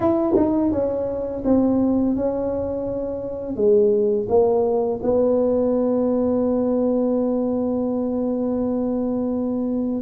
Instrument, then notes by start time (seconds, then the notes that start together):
tuba
0.00 E4
0.36 D#4
0.71 C#4
1.44 C4
2.16 C#4
3.56 G#3
4.28 A#3
5.02 B3